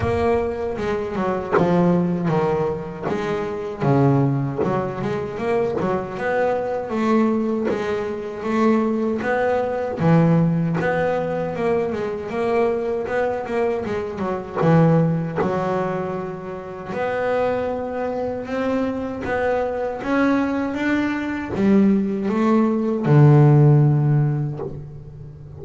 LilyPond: \new Staff \with { instrumentName = "double bass" } { \time 4/4 \tempo 4 = 78 ais4 gis8 fis8 f4 dis4 | gis4 cis4 fis8 gis8 ais8 fis8 | b4 a4 gis4 a4 | b4 e4 b4 ais8 gis8 |
ais4 b8 ais8 gis8 fis8 e4 | fis2 b2 | c'4 b4 cis'4 d'4 | g4 a4 d2 | }